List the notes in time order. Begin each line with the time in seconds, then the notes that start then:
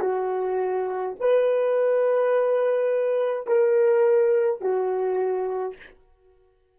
0.00 F#4
1.20 B4
3.47 A#4
4.60 F#4